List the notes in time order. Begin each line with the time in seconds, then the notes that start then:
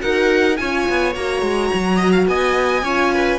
0.00 D#4 F#4 A#4 F#5
0.57 C#4 F4 C#5 G#5
0.90 B3
1.16 A#3 F#4 A#5
1.42 G#3
1.74 F#3
1.98 D#5
2.12 F5
2.28 B3 D#5 G#5
2.83 C#4 F4 C#5
3.14 B4